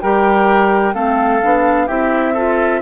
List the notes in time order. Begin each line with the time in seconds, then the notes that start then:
0.00 G3 G4 A#4 G5
0.94 A3 C4 A4 F5
1.42 B3 D4
1.86 C4 E4 G4 E5
2.33 F4 A4